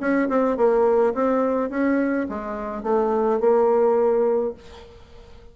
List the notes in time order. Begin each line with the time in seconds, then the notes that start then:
0.00 C#4
0.29 C4
0.57 A#3
1.14 C4
1.70 C#4
2.29 G#3
2.83 A3
3.40 A#3